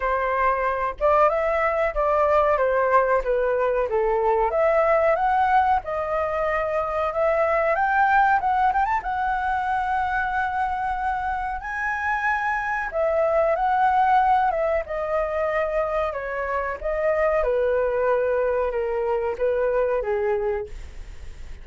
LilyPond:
\new Staff \with { instrumentName = "flute" } { \time 4/4 \tempo 4 = 93 c''4. d''8 e''4 d''4 | c''4 b'4 a'4 e''4 | fis''4 dis''2 e''4 | g''4 fis''8 g''16 a''16 fis''2~ |
fis''2 gis''2 | e''4 fis''4. e''8 dis''4~ | dis''4 cis''4 dis''4 b'4~ | b'4 ais'4 b'4 gis'4 | }